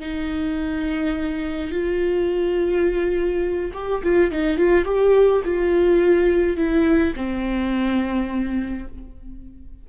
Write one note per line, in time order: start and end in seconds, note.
0.00 1.71 D#4
1.71 3.71 F4
3.74 4.02 G4
4.03 4.31 F4
4.31 4.57 D#4
4.57 4.85 F4
4.85 5.42 G4
5.45 6.57 F4
6.57 7.14 E4
7.16 8.88 C4